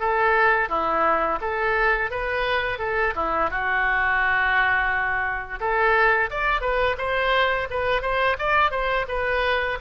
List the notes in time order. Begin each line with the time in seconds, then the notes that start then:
0.00 A4
0.69 E4
1.41 A4
2.11 B4
2.79 A4
3.16 E4
3.50 F#4
5.60 A4
6.31 D5
6.62 B4
6.98 C5
7.71 B4
8.02 C5
8.39 D5
8.71 C5
9.09 B4